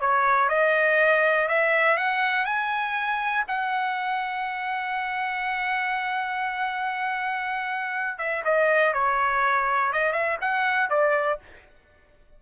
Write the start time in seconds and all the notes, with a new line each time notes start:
0.00 C#5
0.49 D#5
1.48 E5
1.97 F#5
2.45 G#5
3.48 F#5
8.18 E5
8.44 D#5
8.93 C#5
9.92 D#5
10.12 E5
10.41 F#5
10.90 D5